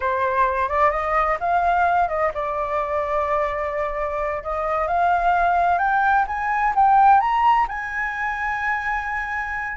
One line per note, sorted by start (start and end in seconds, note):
0.00 0.68 C5
0.68 0.90 D5
0.90 1.37 D#5
1.40 2.08 F5
2.08 2.31 D#5
2.33 4.43 D5
4.43 4.87 D#5
4.87 5.78 F5
5.78 6.25 G5
6.27 6.73 G#5
6.75 7.20 G5
7.20 7.67 A#5
7.68 9.76 G#5